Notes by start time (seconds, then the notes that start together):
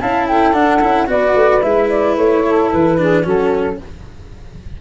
0.00 C#4 E4 F5 A5
0.26 A4 G5
0.53 D4 F#5
0.81 C#4 E4
1.07 B3 F#4 B4 D5
1.35 A3
1.62 G#3 E4 E5
1.90 D5
2.17 A3 C#5
2.46 A4
2.72 E3 B4
2.98 D4 G#4
3.23 F#3 C#4 F#4 A4